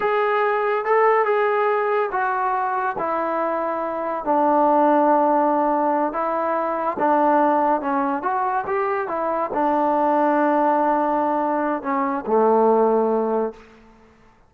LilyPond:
\new Staff \with { instrumentName = "trombone" } { \time 4/4 \tempo 4 = 142 gis'2 a'4 gis'4~ | gis'4 fis'2 e'4~ | e'2 d'2~ | d'2~ d'8 e'4.~ |
e'8 d'2 cis'4 fis'8~ | fis'8 g'4 e'4 d'4.~ | d'1 | cis'4 a2. | }